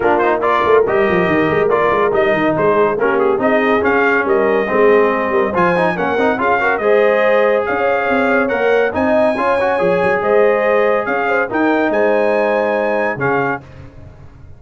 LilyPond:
<<
  \new Staff \with { instrumentName = "trumpet" } { \time 4/4 \tempo 4 = 141 ais'8 c''8 d''4 dis''2 | d''4 dis''4 c''4 ais'8 gis'8 | dis''4 f''4 dis''2~ | dis''4 gis''4 fis''4 f''4 |
dis''2 f''2 | fis''4 gis''2. | dis''2 f''4 g''4 | gis''2. f''4 | }
  \new Staff \with { instrumentName = "horn" } { \time 4/4 f'4 ais'2.~ | ais'2 gis'4 g'4 | gis'2 ais'4 gis'4~ | gis'8 ais'8 c''4 ais'4 gis'8 ais'8 |
c''2 cis''2~ | cis''4 dis''4 cis''2 | c''2 cis''8 c''8 ais'4 | c''2. gis'4 | }
  \new Staff \with { instrumentName = "trombone" } { \time 4/4 d'8 dis'8 f'4 g'2 | f'4 dis'2 cis'4 | dis'4 cis'2 c'4~ | c'4 f'8 dis'8 cis'8 dis'8 f'8 fis'8 |
gis'1 | ais'4 dis'4 f'8 fis'8 gis'4~ | gis'2. dis'4~ | dis'2. cis'4 | }
  \new Staff \with { instrumentName = "tuba" } { \time 4/4 ais4. a8 g8 f8 dis8 gis8 | ais8 gis8 g8 dis8 gis4 ais4 | c'4 cis'4 g4 gis4~ | gis8 g8 f4 ais8 c'8 cis'4 |
gis2 cis'4 c'4 | ais4 c'4 cis'4 f8 fis8 | gis2 cis'4 dis'4 | gis2. cis4 | }
>>